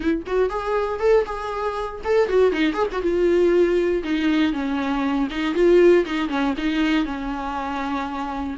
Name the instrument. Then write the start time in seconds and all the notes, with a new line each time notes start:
viola
0.00 E4
0.26 F#4
0.49 G#4
0.99 A4
1.25 G#4
2.04 A4
2.28 F#4
2.51 D#4
2.73 G#4
2.92 F#4
3.01 F4
4.03 D#4
4.52 C#4
5.30 D#4
5.54 F4
6.05 D#4
6.28 C#4
6.57 D#4
7.05 C#4